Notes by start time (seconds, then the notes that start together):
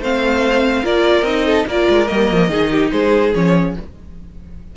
0.00 A3 C4 C5 F5
0.84 A#3 F4 A#4 D5
1.22 C4 D#4 D#5
1.46 A4
1.67 A#3 F4 A#4 D5
1.89 G#3
2.07 G3 A#3 D#5
2.32 F3
2.49 D#3 D#4 G#4
2.71 G4
2.92 G#3 G#4 C5
3.35 F3 C#4 C#5